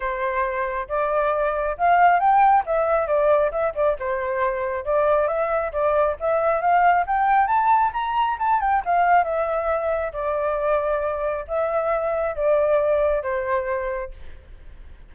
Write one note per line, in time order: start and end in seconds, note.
0.00 0.87 C5
0.88 1.76 D5
1.77 2.19 F5
2.19 2.63 G5
2.66 3.07 E5
3.07 3.51 D5
3.51 3.73 E5
3.74 3.96 D5
3.99 4.84 C5
4.84 5.27 D5
5.27 5.72 E5
5.72 6.16 D5
6.20 6.61 E5
6.61 7.05 F5
7.06 7.47 G5
7.47 7.91 A5
7.93 8.37 A#5
8.38 8.60 A5
8.60 8.82 G5
8.85 9.24 F5
9.24 10.12 E5
10.12 11.45 D5
11.47 12.35 E5
12.35 13.23 D5
13.23 14.11 C5